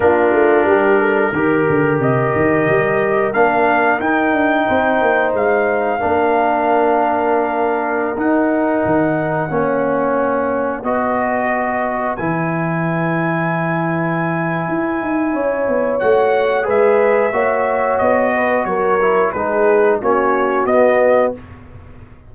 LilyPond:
<<
  \new Staff \with { instrumentName = "trumpet" } { \time 4/4 \tempo 4 = 90 ais'2. dis''4~ | dis''4 f''4 g''2 | f''1~ | f''16 fis''2.~ fis''8.~ |
fis''16 dis''2 gis''4.~ gis''16~ | gis''1 | fis''4 e''2 dis''4 | cis''4 b'4 cis''4 dis''4 | }
  \new Staff \with { instrumentName = "horn" } { \time 4/4 f'4 g'8 a'8 ais'2~ | ais'2. c''4~ | c''4 ais'2.~ | ais'2~ ais'16 cis''4.~ cis''16~ |
cis''16 b'2.~ b'8.~ | b'2. cis''4~ | cis''4 b'4 cis''4. b'8 | ais'4 gis'4 fis'2 | }
  \new Staff \with { instrumentName = "trombone" } { \time 4/4 d'2 g'2~ | g'4 d'4 dis'2~ | dis'4 d'2.~ | d'16 dis'2 cis'4.~ cis'16~ |
cis'16 fis'2 e'4.~ e'16~ | e'1 | fis'4 gis'4 fis'2~ | fis'8 e'8 dis'4 cis'4 b4 | }
  \new Staff \with { instrumentName = "tuba" } { \time 4/4 ais8 a8 g4 dis8 d8 c8 dis8 | g4 ais4 dis'8 d'8 c'8 ais8 | gis4 ais2.~ | ais16 dis'4 dis4 ais4.~ ais16~ |
ais16 b2 e4.~ e16~ | e2 e'8 dis'8 cis'8 b8 | a4 gis4 ais4 b4 | fis4 gis4 ais4 b4 | }
>>